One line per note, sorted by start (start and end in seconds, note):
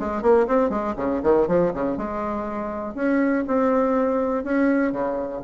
0.00 0.23 G#3
0.23 0.47 A#3
0.48 0.70 C4
0.70 0.95 G#3
0.97 1.21 C#3
1.23 1.48 D#3
1.48 1.73 F3
1.74 1.97 C#3
1.97 2.95 G#3
2.95 3.45 C#4
3.48 4.44 C4
4.44 4.92 C#4
4.92 5.42 C#3